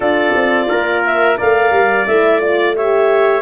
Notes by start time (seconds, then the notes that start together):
0.00 D4 F4 A4 D5
0.35 C4
0.68 A#3 A#4
1.05 E5
1.36 A3 A#4 D5 F5
1.72 G3
2.06 A3 E4 E5
2.40 F4 D5
2.75 G4 C#5 E5